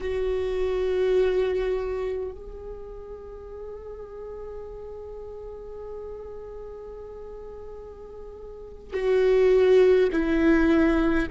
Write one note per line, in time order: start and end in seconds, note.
0.00 2.31 F#4
2.31 8.93 G#4
8.93 10.09 F#4
10.12 11.27 E4